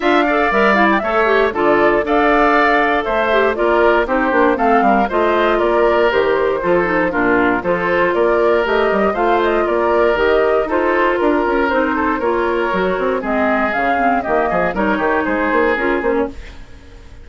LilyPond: <<
  \new Staff \with { instrumentName = "flute" } { \time 4/4 \tempo 4 = 118 f''4 e''8 f''16 g''16 e''4 d''4 | f''2 e''4 d''4 | c''4 f''4 dis''4 d''4 | c''2 ais'4 c''4 |
d''4 dis''4 f''8 dis''8 d''4 | dis''4 c''4 ais'4 c''4 | cis''2 dis''4 f''4 | dis''4 cis''4 c''4 ais'8 c''16 cis''16 | }
  \new Staff \with { instrumentName = "oboe" } { \time 4/4 e''8 d''4. cis''4 a'4 | d''2 c''4 ais'4 | g'4 a'8 ais'8 c''4 ais'4~ | ais'4 a'4 f'4 a'4 |
ais'2 c''4 ais'4~ | ais'4 a'4 ais'4. a'8 | ais'2 gis'2 | g'8 gis'8 ais'8 g'8 gis'2 | }
  \new Staff \with { instrumentName = "clarinet" } { \time 4/4 f'8 a'8 ais'8 e'8 a'8 g'8 f'4 | a'2~ a'8 g'8 f'4 | dis'8 d'8 c'4 f'2 | g'4 f'8 dis'8 d'4 f'4~ |
f'4 g'4 f'2 | g'4 f'2 dis'4 | f'4 fis'4 c'4 cis'8 c'8 | ais4 dis'2 f'8 cis'8 | }
  \new Staff \with { instrumentName = "bassoon" } { \time 4/4 d'4 g4 a4 d4 | d'2 a4 ais4 | c'8 ais8 a8 g8 a4 ais4 | dis4 f4 ais,4 f4 |
ais4 a8 g8 a4 ais4 | dis4 dis'4 d'8 cis'8 c'4 | ais4 fis8 c'8 gis4 cis4 | dis8 f8 g8 dis8 gis8 ais8 cis'8 ais8 | }
>>